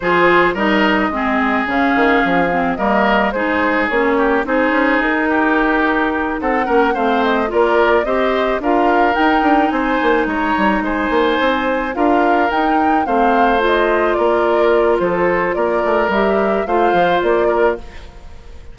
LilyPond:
<<
  \new Staff \with { instrumentName = "flute" } { \time 4/4 \tempo 4 = 108 c''4 dis''2 f''4~ | f''4 dis''4 c''4 cis''4 | c''4 ais'2~ ais'8 fis''8~ | fis''8 f''8 dis''8 d''4 dis''4 f''8~ |
f''8 g''4 gis''4 ais''4 gis''8~ | gis''4. f''4 g''4 f''8~ | f''8 dis''4 d''4. c''4 | d''4 e''4 f''4 d''4 | }
  \new Staff \with { instrumentName = "oboe" } { \time 4/4 gis'4 ais'4 gis'2~ | gis'4 ais'4 gis'4. g'8 | gis'4. g'2 a'8 | ais'8 c''4 ais'4 c''4 ais'8~ |
ais'4. c''4 cis''4 c''8~ | c''4. ais'2 c''8~ | c''4. ais'4. a'4 | ais'2 c''4. ais'8 | }
  \new Staff \with { instrumentName = "clarinet" } { \time 4/4 f'4 dis'4 c'4 cis'4~ | cis'8 c'8 ais4 dis'4 cis'4 | dis'1 | cis'8 c'4 f'4 g'4 f'8~ |
f'8 dis'2.~ dis'8~ | dis'4. f'4 dis'4 c'8~ | c'8 f'2.~ f'8~ | f'4 g'4 f'2 | }
  \new Staff \with { instrumentName = "bassoon" } { \time 4/4 f4 g4 gis4 cis8 dis8 | f4 g4 gis4 ais4 | c'8 cis'8 dis'2~ dis'8 c'8 | ais8 a4 ais4 c'4 d'8~ |
d'8 dis'8 d'8 c'8 ais8 gis8 g8 gis8 | ais8 c'4 d'4 dis'4 a8~ | a4. ais4. f4 | ais8 a8 g4 a8 f8 ais4 | }
>>